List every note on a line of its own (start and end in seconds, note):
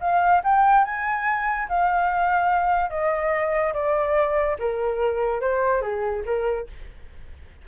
0.00 0.42 F5
0.44 0.85 G5
0.85 1.68 G#5
1.69 2.90 F5
2.90 3.73 D#5
3.73 4.57 D5
4.59 5.41 A#4
5.41 5.81 C5
5.81 6.23 G#4
6.25 6.67 A#4